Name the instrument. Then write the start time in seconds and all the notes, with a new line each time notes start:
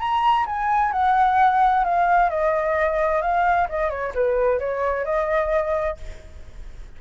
flute
0.00 A#5
0.46 G#5
0.93 F#5
1.85 F5
2.30 D#5
3.22 F5
3.70 D#5
3.90 C#5
4.15 B4
4.59 C#5
5.05 D#5